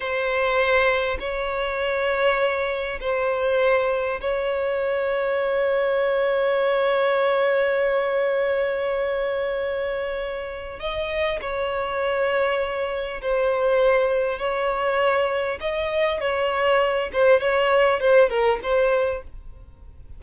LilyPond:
\new Staff \with { instrumentName = "violin" } { \time 4/4 \tempo 4 = 100 c''2 cis''2~ | cis''4 c''2 cis''4~ | cis''1~ | cis''1~ |
cis''2 dis''4 cis''4~ | cis''2 c''2 | cis''2 dis''4 cis''4~ | cis''8 c''8 cis''4 c''8 ais'8 c''4 | }